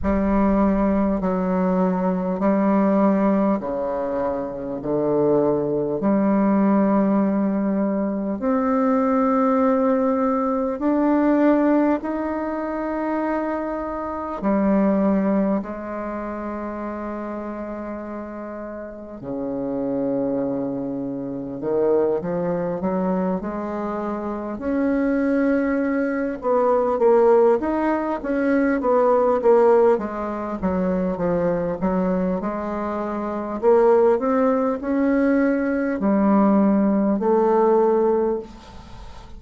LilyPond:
\new Staff \with { instrumentName = "bassoon" } { \time 4/4 \tempo 4 = 50 g4 fis4 g4 cis4 | d4 g2 c'4~ | c'4 d'4 dis'2 | g4 gis2. |
cis2 dis8 f8 fis8 gis8~ | gis8 cis'4. b8 ais8 dis'8 cis'8 | b8 ais8 gis8 fis8 f8 fis8 gis4 | ais8 c'8 cis'4 g4 a4 | }